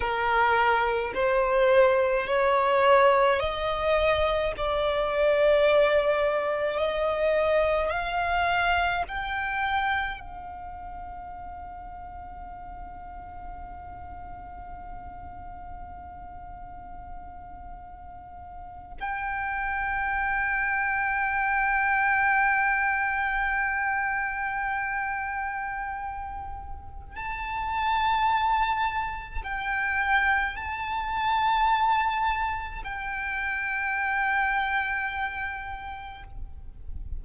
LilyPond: \new Staff \with { instrumentName = "violin" } { \time 4/4 \tempo 4 = 53 ais'4 c''4 cis''4 dis''4 | d''2 dis''4 f''4 | g''4 f''2.~ | f''1~ |
f''8. g''2.~ g''16~ | g''1 | a''2 g''4 a''4~ | a''4 g''2. | }